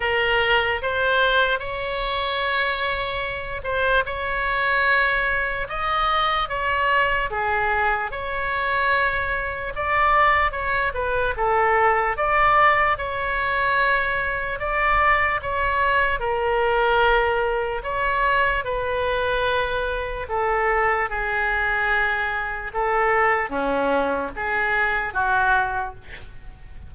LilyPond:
\new Staff \with { instrumentName = "oboe" } { \time 4/4 \tempo 4 = 74 ais'4 c''4 cis''2~ | cis''8 c''8 cis''2 dis''4 | cis''4 gis'4 cis''2 | d''4 cis''8 b'8 a'4 d''4 |
cis''2 d''4 cis''4 | ais'2 cis''4 b'4~ | b'4 a'4 gis'2 | a'4 cis'4 gis'4 fis'4 | }